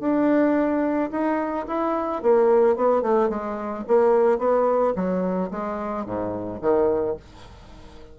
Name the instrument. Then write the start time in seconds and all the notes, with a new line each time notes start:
bassoon
0.00 D4
1.11 D#4
1.67 E4
2.22 A#3
2.76 B3
3.02 A3
3.29 G#3
3.88 A#3
4.38 B3
4.95 F#3
5.51 G#3
6.06 G#2
6.61 D#3